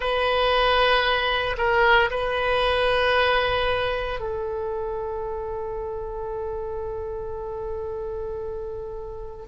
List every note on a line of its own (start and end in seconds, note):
0.00 1.56 B4
1.57 2.10 A#4
2.10 4.20 B4
4.20 9.46 A4